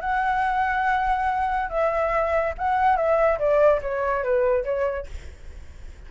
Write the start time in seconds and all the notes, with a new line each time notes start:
0.00 F#5
1.69 E5
2.58 F#5
2.96 E5
3.38 D5
3.81 C#5
4.23 B4
4.64 C#5